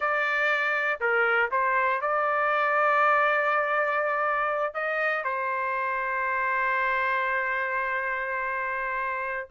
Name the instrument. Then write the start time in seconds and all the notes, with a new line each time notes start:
trumpet
0.00 D5
1.00 A#4
1.51 C5
2.01 D5
4.73 D#5
5.24 C5